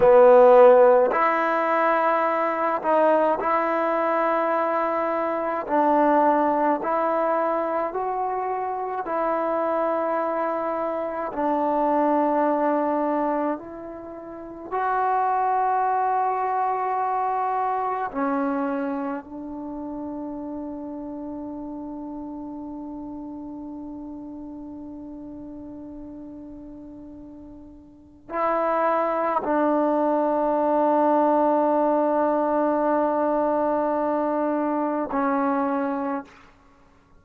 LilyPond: \new Staff \with { instrumentName = "trombone" } { \time 4/4 \tempo 4 = 53 b4 e'4. dis'8 e'4~ | e'4 d'4 e'4 fis'4 | e'2 d'2 | e'4 fis'2. |
cis'4 d'2.~ | d'1~ | d'4 e'4 d'2~ | d'2. cis'4 | }